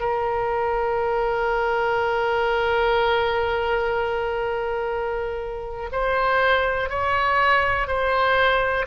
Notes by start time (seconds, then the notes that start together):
0.00 A#4
5.92 C5
6.90 C#5
7.88 C5